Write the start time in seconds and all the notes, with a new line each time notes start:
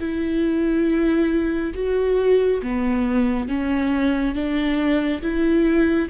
0.00 E4
1.74 F#4
2.62 B3
3.49 C#4
4.35 D4
5.22 E4